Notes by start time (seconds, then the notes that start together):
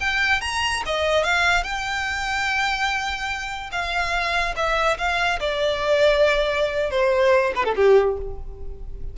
0.00 G5
0.41 A#5
0.86 D#5
1.24 F5
1.63 G5
3.72 F5
4.56 E5
4.98 F5
5.40 D5
6.90 C5
7.55 B4
7.65 A4
7.76 G4